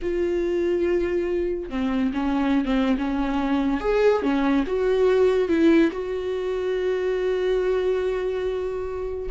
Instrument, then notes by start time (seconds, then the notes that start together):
viola
0.01 F4
1.69 C4
2.13 C#4
2.65 C4
2.98 C#4
3.80 G#4
4.22 C#4
4.66 F#4
5.48 E4
5.91 F#4